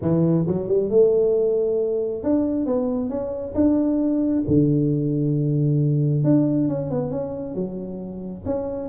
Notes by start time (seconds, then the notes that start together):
0.01 E3
0.47 F#3
0.68 G3
0.89 A3
2.23 D4
2.66 B3
3.09 C#4
3.54 D4
4.47 D3
6.24 D4
6.68 C#4
6.90 B3
7.11 C#4
7.55 F#3
8.45 C#4